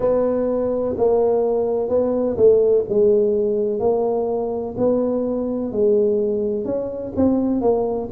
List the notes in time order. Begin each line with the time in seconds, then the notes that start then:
0.00 B3
0.97 A#3
1.88 B3
2.36 A3
2.88 G#3
3.79 A#3
4.77 B3
5.71 G#3
6.65 C#4
7.16 C4
7.61 A#3